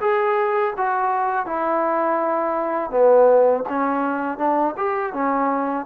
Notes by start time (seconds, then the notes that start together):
0.00 G#4
0.77 F#4
1.45 E4
2.90 B3
3.69 C#4
4.38 D4
4.77 G4
5.13 C#4